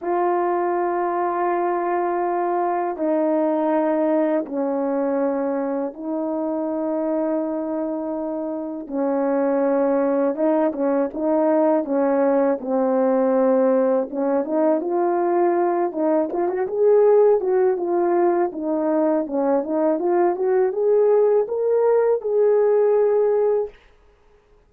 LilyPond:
\new Staff \with { instrumentName = "horn" } { \time 4/4 \tempo 4 = 81 f'1 | dis'2 cis'2 | dis'1 | cis'2 dis'8 cis'8 dis'4 |
cis'4 c'2 cis'8 dis'8 | f'4. dis'8 f'16 fis'16 gis'4 fis'8 | f'4 dis'4 cis'8 dis'8 f'8 fis'8 | gis'4 ais'4 gis'2 | }